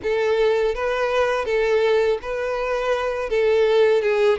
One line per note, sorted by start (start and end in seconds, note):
0.03 0.75 A4
0.75 1.45 B4
1.45 2.18 A4
2.22 3.29 B4
3.29 4.01 A4
4.01 4.38 G#4